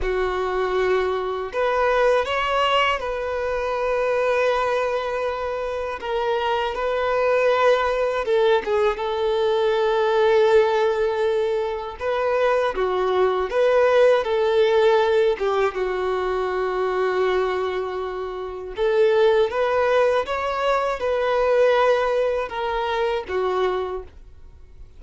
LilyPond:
\new Staff \with { instrumentName = "violin" } { \time 4/4 \tempo 4 = 80 fis'2 b'4 cis''4 | b'1 | ais'4 b'2 a'8 gis'8 | a'1 |
b'4 fis'4 b'4 a'4~ | a'8 g'8 fis'2.~ | fis'4 a'4 b'4 cis''4 | b'2 ais'4 fis'4 | }